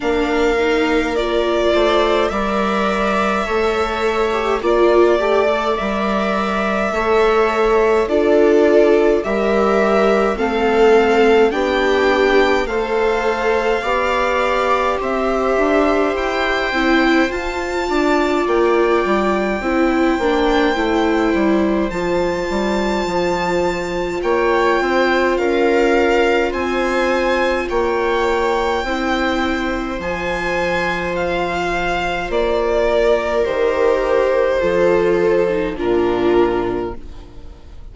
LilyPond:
<<
  \new Staff \with { instrumentName = "violin" } { \time 4/4 \tempo 4 = 52 f''4 d''4 e''2 | d''4 e''2 d''4 | e''4 f''4 g''4 f''4~ | f''4 e''4 g''4 a''4 |
g''2. a''4~ | a''4 g''4 f''4 gis''4 | g''2 gis''4 f''4 | d''4 c''2 ais'4 | }
  \new Staff \with { instrumentName = "viola" } { \time 4/4 ais'4. c''8 d''4 cis''4 | d''2 cis''4 a'4 | ais'4 a'4 g'4 c''4 | d''4 c''2~ c''8 d''8~ |
d''4 c''2.~ | c''4 cis''8 c''8 ais'4 c''4 | cis''4 c''2.~ | c''8 ais'4. a'4 f'4 | }
  \new Staff \with { instrumentName = "viola" } { \time 4/4 d'8 dis'8 f'4 ais'4 a'8. g'16 | f'8 g'16 a'16 ais'4 a'4 f'4 | g'4 c'4 d'4 a'4 | g'2~ g'8 e'8 f'4~ |
f'4 e'8 d'8 e'4 f'4~ | f'1~ | f'4 e'4 f'2~ | f'4 g'4 f'8. dis'16 d'4 | }
  \new Staff \with { instrumentName = "bassoon" } { \time 4/4 ais4. a8 g4 a4 | ais8 a8 g4 a4 d'4 | g4 a4 b4 a4 | b4 c'8 d'8 e'8 c'8 f'8 d'8 |
ais8 g8 c'8 ais8 a8 g8 f8 g8 | f4 ais8 c'8 cis'4 c'4 | ais4 c'4 f2 | ais4 dis4 f4 ais,4 | }
>>